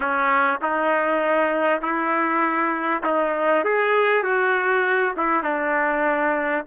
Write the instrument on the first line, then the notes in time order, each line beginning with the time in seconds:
trumpet
0.00 C#4
0.62 D#4
1.81 E4
3.03 D#4
3.64 G#4
4.23 F#4
5.17 E4
5.43 D4